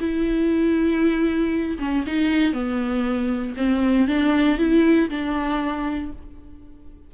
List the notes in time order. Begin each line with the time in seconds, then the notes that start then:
0.00 E4
1.79 C#4
2.06 D#4
2.53 B3
3.56 C4
4.07 D4
4.58 E4
5.10 D4